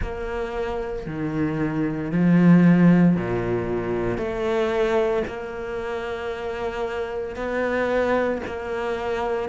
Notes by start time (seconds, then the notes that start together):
0.01 A#3
1.06 D#3
2.11 F3
3.16 A#2
4.17 A3
5.27 A#3
7.36 B3
8.46 A#3